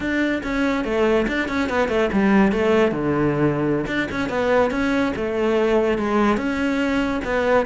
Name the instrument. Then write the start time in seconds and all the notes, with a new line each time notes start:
cello
0.00 D4
0.43 C#4
0.84 A3
1.27 D4
1.48 C#4
1.69 B3
1.88 A3
2.12 G3
2.52 A3
2.91 D3
3.86 D4
4.11 C#4
4.29 B3
4.71 C#4
5.16 A3
5.98 G#3
6.37 C#4
7.24 B3